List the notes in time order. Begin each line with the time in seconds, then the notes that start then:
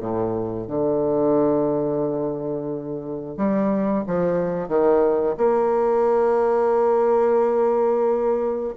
0.00 A2
0.67 D3
3.37 G3
4.07 F3
4.68 D#3
5.37 A#3